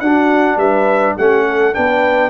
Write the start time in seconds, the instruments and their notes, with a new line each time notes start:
0.00 tuba D4, trombone D4, horn F#4, trumpet F#5
0.57 tuba G3, horn B4, trumpet E5
1.16 tuba A3, trombone C#4, horn G4, trumpet F#5
1.47 horn A4
1.73 tuba B3, trombone D4, horn B4, trumpet G5